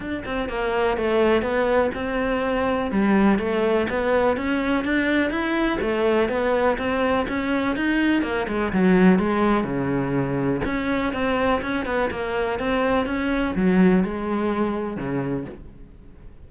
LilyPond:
\new Staff \with { instrumentName = "cello" } { \time 4/4 \tempo 4 = 124 d'8 c'8 ais4 a4 b4 | c'2 g4 a4 | b4 cis'4 d'4 e'4 | a4 b4 c'4 cis'4 |
dis'4 ais8 gis8 fis4 gis4 | cis2 cis'4 c'4 | cis'8 b8 ais4 c'4 cis'4 | fis4 gis2 cis4 | }